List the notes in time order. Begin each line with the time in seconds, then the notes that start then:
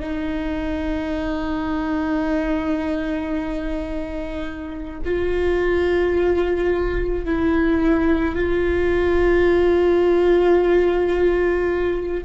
0.00 D#4
5.05 F4
7.25 E4
8.35 F4